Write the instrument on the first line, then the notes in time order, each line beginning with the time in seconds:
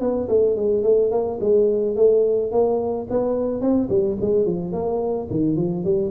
tuba
0.00 B3
0.28 A3
0.56 G#3
0.83 A3
1.11 A#3
1.40 G#3
1.95 A3
2.51 A#3
3.10 B3
3.61 C4
3.89 G3
4.20 G#3
4.45 F3
4.72 A#3
5.30 D#3
5.56 F3
5.84 G3